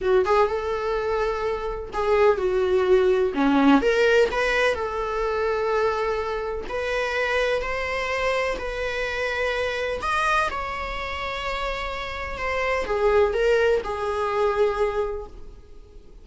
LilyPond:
\new Staff \with { instrumentName = "viola" } { \time 4/4 \tempo 4 = 126 fis'8 gis'8 a'2. | gis'4 fis'2 cis'4 | ais'4 b'4 a'2~ | a'2 b'2 |
c''2 b'2~ | b'4 dis''4 cis''2~ | cis''2 c''4 gis'4 | ais'4 gis'2. | }